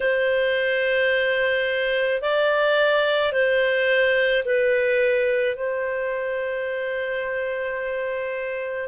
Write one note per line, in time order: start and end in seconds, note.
0.00 2.21 C5
2.21 3.32 D5
3.32 4.43 C5
4.44 5.56 B4
5.56 8.88 C5